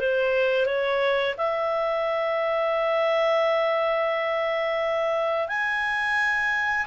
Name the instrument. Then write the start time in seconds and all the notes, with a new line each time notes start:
clarinet
0.00 C5
0.66 C#5
1.38 E5
5.49 G#5